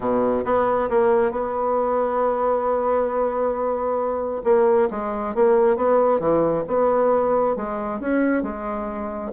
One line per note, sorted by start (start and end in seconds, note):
0.00 0.44 B2
0.44 0.89 B3
0.89 1.31 A#3
1.31 4.42 B3
4.44 4.88 A#3
4.90 5.34 G#3
5.34 5.76 A#3
5.76 6.19 B3
6.19 6.64 E3
6.67 7.56 B3
7.56 7.99 G#3
7.99 8.42 C#4
8.42 9.31 G#3